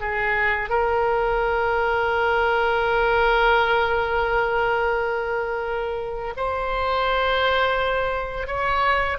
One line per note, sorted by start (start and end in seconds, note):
0.00 0.69 G#4
0.69 6.34 A#4
6.36 8.47 C5
8.47 9.17 C#5